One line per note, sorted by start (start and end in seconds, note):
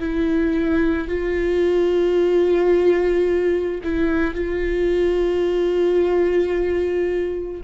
0.00 1.08 E4
1.08 3.81 F4
3.84 4.34 E4
4.34 7.62 F4